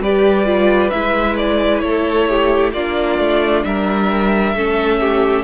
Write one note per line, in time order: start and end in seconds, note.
0.00 0.91 G3
0.00 0.45 G4
0.00 1.84 B4
0.00 0.90 D5
0.45 0.91 F4
0.90 1.82 G#3
0.90 2.75 E4
0.90 1.36 E5
1.37 1.80 D5
1.80 2.73 A3
1.80 2.29 A4
1.80 2.71 C#5
2.29 2.74 G4
2.73 3.19 A#3
2.73 4.57 D4
2.73 3.65 F4
2.73 3.64 D5
3.19 3.64 A3
3.64 4.54 G3
3.64 4.55 A#4
3.64 5.44 E5
4.54 5.44 A3
4.54 5.44 C#4
4.54 5.00 A4
5.00 5.44 G4